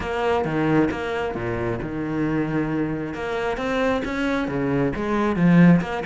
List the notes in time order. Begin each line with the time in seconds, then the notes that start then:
0.00 A#3
0.44 D#3
0.90 A#3
1.34 A#2
1.82 D#3
3.13 A#3
3.57 C4
4.04 C#4
4.48 C#3
4.95 G#3
5.36 F3
5.81 A#3